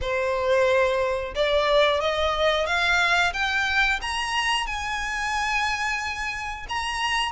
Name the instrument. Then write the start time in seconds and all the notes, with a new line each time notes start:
violin
0.01 C5
1.35 D5
2.00 D#5
2.66 F5
3.33 G5
4.01 A#5
4.66 G#5
6.68 A#5